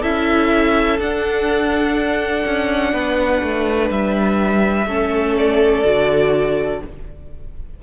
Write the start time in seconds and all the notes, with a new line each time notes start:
0.00 C#4 E4 A4 E5
0.98 D4 F#5
2.45 C#4
2.93 B3 B4
3.42 A3
3.90 G3 E5
4.86 A3 C#4 A4
5.37 D5
5.84 D3 F#4